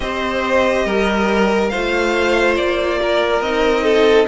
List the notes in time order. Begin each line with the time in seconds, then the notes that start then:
0.00 C4 G4 C5 D#5
0.85 G3 A#4
1.68 A3 F4 C5 F5
2.56 A#3 D5
3.01 A#4
3.41 C4 D#4 D#5
3.83 A4